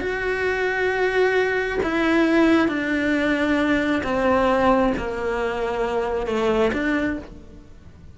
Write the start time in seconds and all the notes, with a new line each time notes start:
0.00 F#4
1.83 E4
2.68 D4
4.03 C4
4.97 A#3
6.26 A3
6.72 D4